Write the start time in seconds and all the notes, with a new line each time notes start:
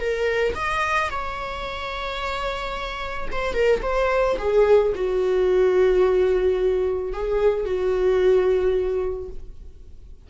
0.00 A#4
0.55 D#5
1.10 C#5
3.32 C5
3.54 A#4
3.82 C5
4.38 G#4
4.95 F#4
7.13 G#4
7.65 F#4